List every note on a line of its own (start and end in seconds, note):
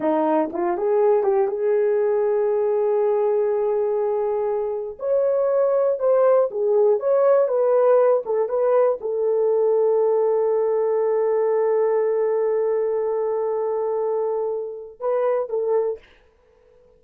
0.00 0.50 D#4
0.52 0.77 F4
0.77 1.23 G#4
1.23 1.47 G4
1.47 4.97 G#4
4.99 5.99 C#5
5.99 6.49 C5
6.50 6.99 G#4
6.99 7.47 C#5
7.47 8.22 B4
8.25 8.49 A4
8.49 8.99 B4
9.00 15.00 A4
15.00 15.49 B4
15.49 15.99 A4